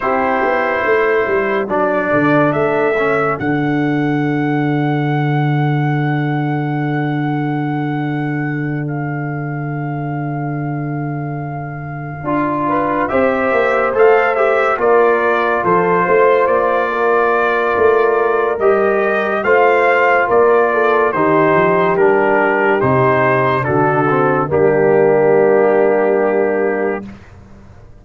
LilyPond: <<
  \new Staff \with { instrumentName = "trumpet" } { \time 4/4 \tempo 4 = 71 c''2 d''4 e''4 | fis''1~ | fis''2~ fis''8 f''4.~ | f''2.~ f''8 e''8~ |
e''8 f''8 e''8 d''4 c''4 d''8~ | d''2 dis''4 f''4 | d''4 c''4 ais'4 c''4 | a'4 g'2. | }
  \new Staff \with { instrumentName = "horn" } { \time 4/4 g'4 a'2.~ | a'1~ | a'1~ | a'2. b'8 c''8~ |
c''4. ais'4 a'8 c''4 | ais'2. c''4 | ais'8 a'8 g'2. | fis'4 d'2. | }
  \new Staff \with { instrumentName = "trombone" } { \time 4/4 e'2 d'4. cis'8 | d'1~ | d'1~ | d'2~ d'8 f'4 g'8~ |
g'8 a'8 g'8 f'2~ f'8~ | f'2 g'4 f'4~ | f'4 dis'4 d'4 dis'4 | d'8 c'8 ais2. | }
  \new Staff \with { instrumentName = "tuba" } { \time 4/4 c'8 b8 a8 g8 fis8 d8 a4 | d1~ | d1~ | d2~ d8 d'4 c'8 |
ais8 a4 ais4 f8 a8 ais8~ | ais4 a4 g4 a4 | ais4 dis8 f8 g4 c4 | d4 g2. | }
>>